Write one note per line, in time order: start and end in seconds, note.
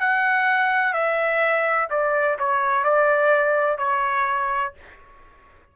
0.00 0.93 F#5
0.93 1.88 E5
1.90 2.38 D5
2.39 2.84 C#5
2.84 3.78 D5
3.78 4.74 C#5